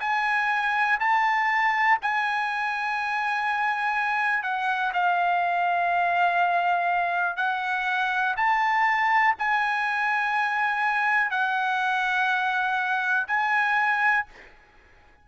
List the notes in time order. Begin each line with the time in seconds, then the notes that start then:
0.00 G#5
0.99 A5
2.02 G#5
4.43 F#5
4.93 F5
7.36 F#5
8.37 A5
9.38 G#5
11.30 F#5
13.27 G#5